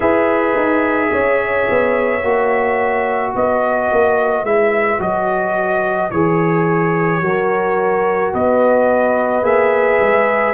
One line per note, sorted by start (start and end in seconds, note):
0.00 0.55 E4
0.00 2.20 G#4
0.00 1.10 B4
0.00 3.33 E5
0.55 1.11 D#4
1.12 1.67 C#4
1.12 3.34 C#5
1.69 2.22 B3
2.22 3.34 A#3
2.22 4.45 F#4
3.34 3.90 B3
3.34 7.22 B4
3.34 4.45 D#5
3.92 4.43 A#3
4.43 4.98 G#3
4.43 4.99 E4
4.43 5.00 E5
4.99 6.10 F#3
4.99 6.10 F#4
4.99 6.10 D#5
6.10 7.22 E3
6.10 7.21 G#4
6.10 8.33 C#5
7.21 8.33 F#3
7.21 9.42 F#4
7.21 8.33 A#4
8.33 9.42 B3
8.33 10.54 B4
8.33 9.44 D#5
9.42 9.98 A#3
9.42 10.53 G#4
9.42 10.54 E5
10.01 10.54 G#3